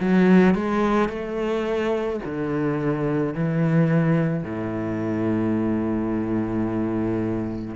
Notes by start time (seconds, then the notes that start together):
0.00 F#3
0.55 G#3
1.09 A3
2.25 D3
3.34 E3
4.44 A2